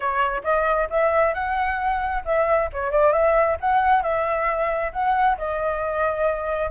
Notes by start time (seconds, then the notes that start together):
0.00 C#5
0.43 D#5
0.90 E5
1.34 F#5
2.24 E5
2.72 C#5
2.91 D5
3.12 E5
3.60 F#5
4.02 E5
4.92 F#5
5.37 D#5